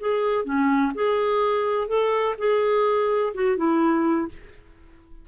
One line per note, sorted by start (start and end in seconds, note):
0.00 0.45 G#4
0.45 0.92 C#4
0.95 1.88 G#4
1.88 2.35 A4
2.39 3.34 G#4
3.34 3.57 F#4
3.57 4.29 E4